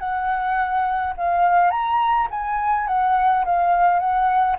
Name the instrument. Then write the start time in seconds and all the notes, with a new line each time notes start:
flute
0.00 F#5
1.18 F5
1.71 A#5
2.31 G#5
2.88 F#5
3.46 F5
4.00 F#5